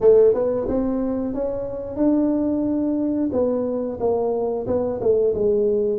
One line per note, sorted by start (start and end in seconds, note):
0.01 0.34 A3
0.34 0.67 B3
0.68 1.34 C4
1.34 1.96 C#4
1.96 3.29 D4
3.32 3.99 B3
3.99 4.66 A#3
4.66 5.00 B3
5.00 5.34 A3
5.34 5.98 G#3